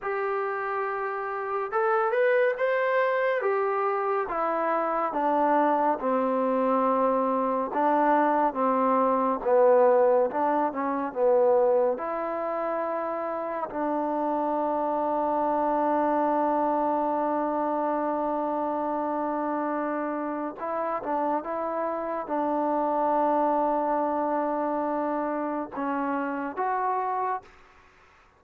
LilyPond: \new Staff \with { instrumentName = "trombone" } { \time 4/4 \tempo 4 = 70 g'2 a'8 b'8 c''4 | g'4 e'4 d'4 c'4~ | c'4 d'4 c'4 b4 | d'8 cis'8 b4 e'2 |
d'1~ | d'1 | e'8 d'8 e'4 d'2~ | d'2 cis'4 fis'4 | }